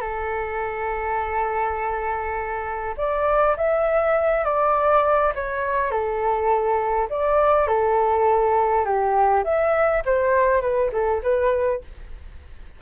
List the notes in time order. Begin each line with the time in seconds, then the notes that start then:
0.00 A4
2.97 D5
3.56 E5
4.44 D5
5.35 C#5
5.91 A4
7.09 D5
7.67 A4
8.84 G4
9.44 E5
10.05 C5
10.61 B4
10.92 A4
11.22 B4